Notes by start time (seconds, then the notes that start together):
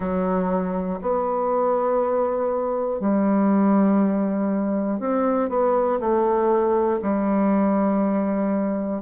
0.00 F#3
1.01 B3
3.00 G3
4.99 C4
5.49 B3
6.00 A3
7.02 G3